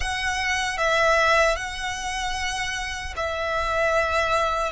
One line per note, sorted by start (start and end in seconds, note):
0.00 0.77 F#5
0.77 1.56 E5
1.56 3.14 F#5
3.16 4.72 E5